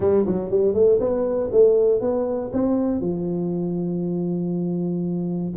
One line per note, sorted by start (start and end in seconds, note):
0.00 0.25 G3
0.26 0.50 F#3
0.50 0.74 G3
0.74 0.99 A3
0.99 1.50 B3
1.51 2.00 A3
2.00 2.51 B3
2.52 3.00 C4
3.00 5.53 F3